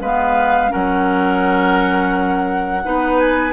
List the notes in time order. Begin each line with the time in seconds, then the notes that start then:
0.00 G#3 B3 B4 F5
0.68 C#4 A#4 F#5
0.74 F#3
2.84 B3 D#4 B4
3.19 G#5